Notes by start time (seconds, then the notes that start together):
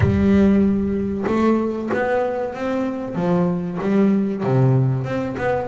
0.00 G3
1.27 A3
1.93 B3
2.54 C4
3.15 F3
3.81 G3
4.43 C3
5.04 C4
5.37 B3